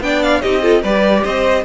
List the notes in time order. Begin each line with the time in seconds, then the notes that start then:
0.00 B3 D4 D5 G5
0.22 F5
0.41 C4 D#4 G4 D#5
0.62 F4 A4
0.81 G3 G4 B4 D5
1.23 C4 C5 D#5